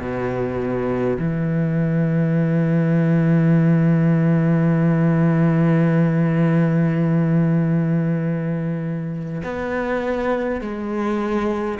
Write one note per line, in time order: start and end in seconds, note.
0.00 1.18 B2
1.18 9.42 E3
9.43 10.61 B3
10.61 11.79 G#3